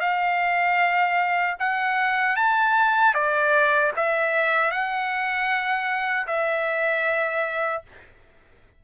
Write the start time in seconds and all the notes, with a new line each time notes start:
0.00 F5
1.59 F#5
2.36 A5
3.14 D5
3.96 E5
4.71 F#5
6.27 E5